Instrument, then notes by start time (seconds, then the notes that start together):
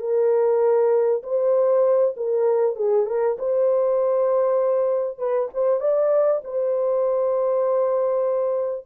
horn
0.00 A#4
1.23 C5
2.17 A#4
2.76 G#4
3.06 A#4
3.39 C5
5.18 B4
5.54 C5
5.80 D5
6.44 C5